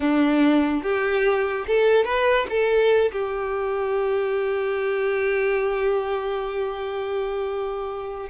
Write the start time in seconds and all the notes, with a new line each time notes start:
0.00 D4
0.82 G4
1.67 A4
2.04 B4
2.49 A4
3.11 G4